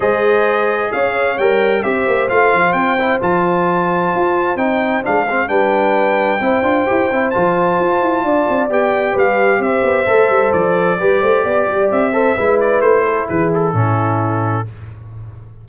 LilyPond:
<<
  \new Staff \with { instrumentName = "trumpet" } { \time 4/4 \tempo 4 = 131 dis''2 f''4 g''4 | e''4 f''4 g''4 a''4~ | a''2 g''4 f''4 | g''1 |
a''2. g''4 | f''4 e''2 d''4~ | d''2 e''4. d''8 | c''4 b'8 a'2~ a'8 | }
  \new Staff \with { instrumentName = "horn" } { \time 4/4 c''2 cis''2 | c''1~ | c''1 | b'2 c''2~ |
c''2 d''2 | b'4 c''2. | b'8 c''8 d''4. c''8 b'4~ | b'8 a'8 gis'4 e'2 | }
  \new Staff \with { instrumentName = "trombone" } { \time 4/4 gis'2. ais'4 | g'4 f'4. e'8 f'4~ | f'2 dis'4 d'8 c'8 | d'2 e'8 f'8 g'8 e'8 |
f'2. g'4~ | g'2 a'2 | g'2~ g'8 a'8 e'4~ | e'2 cis'2 | }
  \new Staff \with { instrumentName = "tuba" } { \time 4/4 gis2 cis'4 g4 | c'8 ais8 a8 f8 c'4 f4~ | f4 f'4 c'4 gis4 | g2 c'8 d'8 e'8 c'8 |
f4 f'8 e'8 d'8 c'8 b4 | g4 c'8 b8 a8 g8 f4 | g8 a8 b8 g8 c'4 gis4 | a4 e4 a,2 | }
>>